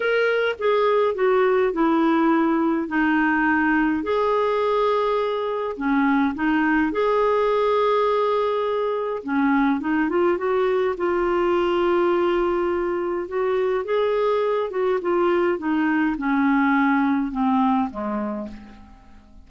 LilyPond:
\new Staff \with { instrumentName = "clarinet" } { \time 4/4 \tempo 4 = 104 ais'4 gis'4 fis'4 e'4~ | e'4 dis'2 gis'4~ | gis'2 cis'4 dis'4 | gis'1 |
cis'4 dis'8 f'8 fis'4 f'4~ | f'2. fis'4 | gis'4. fis'8 f'4 dis'4 | cis'2 c'4 gis4 | }